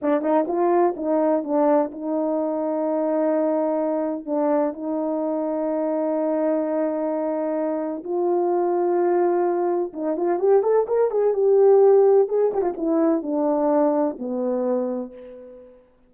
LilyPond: \new Staff \with { instrumentName = "horn" } { \time 4/4 \tempo 4 = 127 d'8 dis'8 f'4 dis'4 d'4 | dis'1~ | dis'4 d'4 dis'2~ | dis'1~ |
dis'4 f'2.~ | f'4 dis'8 f'8 g'8 a'8 ais'8 gis'8 | g'2 gis'8 g'16 f'16 e'4 | d'2 b2 | }